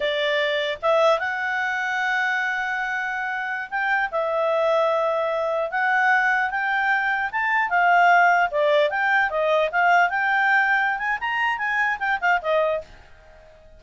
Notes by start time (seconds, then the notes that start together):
0.00 D5
0.82 E5
1.19 F#5
3.69 G5
4.11 E5
5.71 F#5
6.50 G5
7.31 A5
7.69 F5
8.51 D5
8.90 G5
9.30 D#5
9.71 F5
10.09 G5
10.98 G#5
11.20 A#5
11.57 G#5
11.99 G5
12.20 F5
12.41 D#5